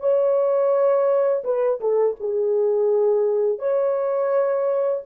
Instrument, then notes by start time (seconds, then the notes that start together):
horn
0.00 C#5
1.44 B4
1.80 A4
2.20 G#4
3.59 C#5